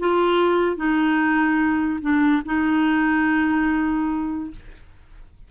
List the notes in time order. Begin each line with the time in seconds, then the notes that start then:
0.00 F4
0.77 D#4
2.02 D4
2.46 D#4